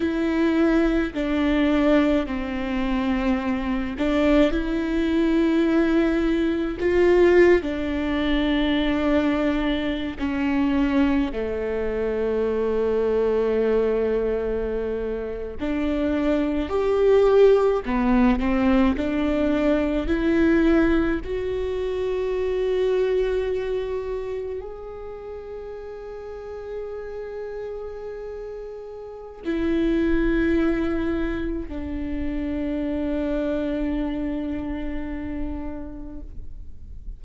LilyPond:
\new Staff \with { instrumentName = "viola" } { \time 4/4 \tempo 4 = 53 e'4 d'4 c'4. d'8 | e'2 f'8. d'4~ d'16~ | d'4 cis'4 a2~ | a4.~ a16 d'4 g'4 b16~ |
b16 c'8 d'4 e'4 fis'4~ fis'16~ | fis'4.~ fis'16 gis'2~ gis'16~ | gis'2 e'2 | d'1 | }